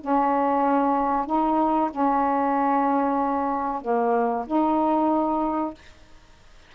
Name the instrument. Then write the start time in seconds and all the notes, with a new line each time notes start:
saxophone
0.00 C#4
1.26 D#4
1.90 C#4
3.81 A#3
4.46 D#4